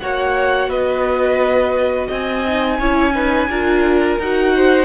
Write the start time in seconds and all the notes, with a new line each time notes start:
0.00 A#3 F#4 C#5 F#5
0.68 B3 B4 D#5
2.07 C4 D#5 G#5
2.47 D#4
2.79 C#4 E4 C#5
3.14 D#4 B4
3.48 D4 F4 A#4
4.19 D#4 F#4 F#5
4.56 C5